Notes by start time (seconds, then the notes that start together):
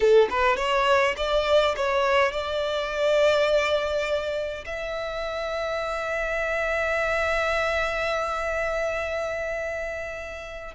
0.00 A4
0.30 B4
0.56 C#5
1.17 D5
1.76 C#5
2.31 D5
4.65 E5